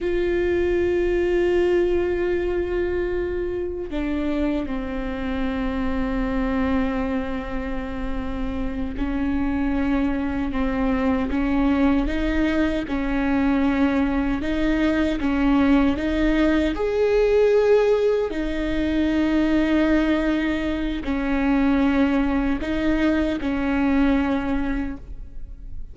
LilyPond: \new Staff \with { instrumentName = "viola" } { \time 4/4 \tempo 4 = 77 f'1~ | f'4 d'4 c'2~ | c'2.~ c'8 cis'8~ | cis'4. c'4 cis'4 dis'8~ |
dis'8 cis'2 dis'4 cis'8~ | cis'8 dis'4 gis'2 dis'8~ | dis'2. cis'4~ | cis'4 dis'4 cis'2 | }